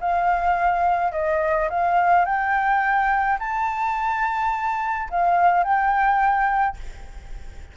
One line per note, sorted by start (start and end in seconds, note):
0.00 1.12 F5
1.12 1.68 D#5
1.69 2.25 F5
2.25 3.38 G5
3.39 5.09 A5
5.10 5.63 F5
5.63 6.76 G5